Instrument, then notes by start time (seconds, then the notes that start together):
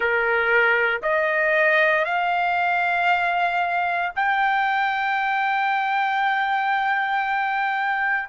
trumpet
0.00 A#4
1.02 D#5
2.05 F5
4.15 G5